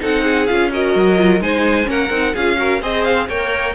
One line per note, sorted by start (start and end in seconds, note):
0.00 0.49 C4
0.00 0.47 D#4
0.00 0.23 A4
0.00 0.46 F#5
0.23 0.70 G#4
0.46 0.95 C#4
0.46 0.72 F4
0.46 0.70 F5
0.71 1.17 F#4
0.71 1.42 A#4
0.71 1.42 D#5
0.95 1.40 F#3
1.17 1.40 F4
1.40 1.87 G#3
1.40 1.84 D#4
1.40 1.89 C5
1.40 1.89 G#5
1.84 2.09 A#3
1.84 2.08 C#4
1.84 2.33 A#4
1.84 2.34 F#5
2.09 2.33 C4
2.09 2.34 D#4
2.33 2.81 C#4
2.33 2.56 F4
2.33 2.57 G#4
2.33 2.81 F5
2.56 2.80 F#4
2.56 2.80 A#4
2.80 3.28 C4
2.80 3.29 G#4
2.80 3.27 C5
2.80 3.04 D#5
3.04 3.27 F5
3.27 3.75 A#3
3.27 3.75 A#4
3.27 3.74 C#5
3.27 3.75 G5